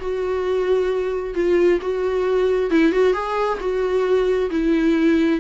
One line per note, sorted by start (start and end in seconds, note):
0.00 1.35 F#4
1.35 1.80 F4
1.81 2.71 F#4
2.71 2.92 E4
2.92 3.14 F#4
3.14 3.59 G#4
3.60 4.51 F#4
4.51 5.41 E4